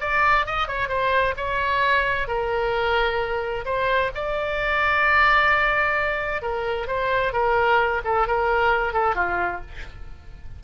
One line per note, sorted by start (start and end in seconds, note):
0.00 0.46 D5
0.46 0.67 D#5
0.67 0.88 C#5
0.88 1.34 C5
1.36 2.27 C#5
2.27 3.64 A#4
3.65 4.11 C5
4.14 6.42 D5
6.42 6.87 A#4
6.87 7.32 C5
7.33 8.01 A#4
8.04 8.27 A4
8.27 8.93 A#4
8.93 9.15 A4
9.15 9.61 F4